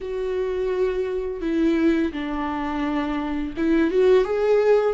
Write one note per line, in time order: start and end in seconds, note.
0.00 1.41 F#4
1.41 2.11 E4
2.12 3.53 D4
3.56 3.90 E4
3.90 4.24 F#4
4.24 4.93 G#4